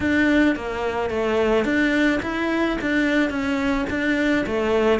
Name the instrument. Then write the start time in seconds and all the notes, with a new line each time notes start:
cello
0.00 D4
0.55 A#3
1.10 A3
1.64 D4
2.22 E4
2.81 D4
3.30 C#4
3.90 D4
4.46 A3